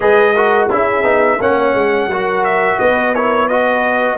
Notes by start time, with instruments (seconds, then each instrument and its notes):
0.00 tuba G#3, trombone G#4, horn B4, trumpet D#5
0.34 trombone F#4, horn A#4
0.69 tuba C#4, trombone E4, horn G#4, trumpet E5
1.03 tuba B3, trombone D#4
1.38 tuba A#3, trombone C#4, horn C#5, trumpet F#5
1.74 tuba G#3
2.07 tuba F#3, trombone F#4, horn A#4
2.44 trumpet E5
2.78 tuba B3, horn B4, trumpet D#5
3.12 trombone E4, horn A#4, trumpet C#5
3.47 trombone F#4, horn B4, trumpet D#5